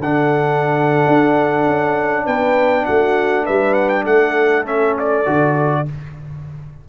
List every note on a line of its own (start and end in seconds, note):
0.00 1.05 D3
0.00 4.66 D4
0.00 2.25 A4
0.00 2.27 F#5
1.07 1.67 D4
1.67 2.27 C#4
2.25 2.87 B3
2.25 2.85 B4
2.25 2.86 G5
2.86 3.49 A3
2.86 3.45 F#4
2.86 3.46 F#5
3.45 4.07 G3
3.45 4.04 B4
3.45 3.74 E5
3.74 3.89 F#5
3.89 4.04 G5
4.04 5.27 A3
4.04 5.84 A4
4.04 4.66 F#5
4.66 5.26 C#4
4.66 4.97 E5
4.99 5.89 D5
5.26 5.88 D3
5.26 5.86 F#4